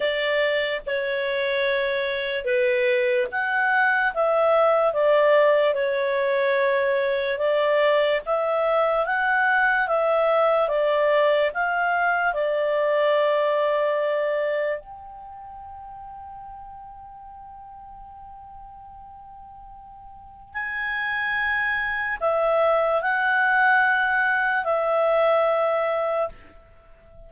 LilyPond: \new Staff \with { instrumentName = "clarinet" } { \time 4/4 \tempo 4 = 73 d''4 cis''2 b'4 | fis''4 e''4 d''4 cis''4~ | cis''4 d''4 e''4 fis''4 | e''4 d''4 f''4 d''4~ |
d''2 g''2~ | g''1~ | g''4 gis''2 e''4 | fis''2 e''2 | }